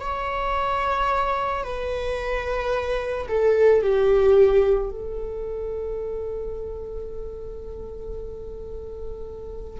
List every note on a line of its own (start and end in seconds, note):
0.00 1.63 C#5
1.63 3.27 B4
3.28 3.82 A4
3.82 4.90 G4
4.90 9.80 A4